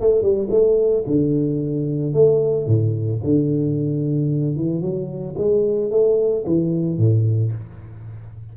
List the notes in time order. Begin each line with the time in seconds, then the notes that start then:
0.00 A3
0.22 G3
0.51 A3
1.07 D3
2.14 A3
2.67 A2
3.24 D3
4.56 E3
4.82 F#3
5.38 G#3
5.91 A3
6.47 E3
6.98 A2